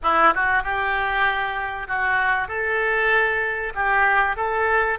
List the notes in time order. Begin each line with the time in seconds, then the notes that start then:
0.03 E4
0.34 F#4
0.62 G4
1.87 F#4
2.48 A4
3.74 G4
4.36 A4